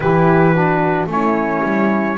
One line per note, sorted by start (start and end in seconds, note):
0.00 1.06 E3
0.00 0.54 E4
0.00 0.54 G4
0.00 1.07 B4
0.54 1.06 D4
0.54 1.09 F#4
1.06 1.60 A3
1.06 2.15 C#4
1.06 2.17 E4
1.06 2.17 C#5
1.62 2.17 G3